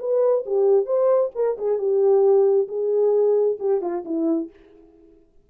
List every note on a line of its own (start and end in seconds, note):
0.00 0.45 B4
0.46 0.86 G4
0.86 1.31 C5
1.36 1.58 A#4
1.59 1.79 G#4
1.79 2.68 G4
2.69 3.58 G#4
3.60 3.82 G4
3.82 4.04 F4
4.06 4.50 E4